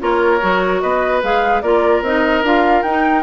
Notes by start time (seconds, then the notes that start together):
0.00 A#3 F4 A#4 C#5
0.41 F#3 F#4
0.81 B3 B4 D#5
1.23 G#3 G#4 F5
1.62 A#3 F4 A#4 D5
2.02 C4 D#4 D#5
2.43 D4 F4 F5
2.83 D#4 G5